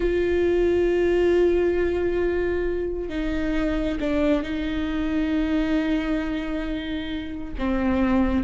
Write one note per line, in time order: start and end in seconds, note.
0.00 3.09 F4
3.09 3.98 D#4
4.00 4.43 D4
4.43 7.54 D#4
7.58 8.43 C4